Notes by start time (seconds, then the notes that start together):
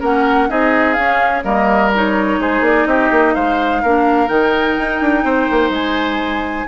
0.00 A#3 C#4 A#4 F#5
0.49 C4 D#4 G#4 D#5
0.93 C#4 F5
1.43 G3 A#3 A#4 D#5
1.95 D#4 C#5
2.39 G#3 G#4 C5
2.60 A#3 D5
2.86 C4 G4 D#5
3.11 A#3
3.34 G#3 C5 F5
3.82 A#3 D4 A#4
4.27 D#3 D#4 G5
4.78 D#4
5.01 D4
5.24 C4 C5
5.50 A#3
5.69 G#3 G#5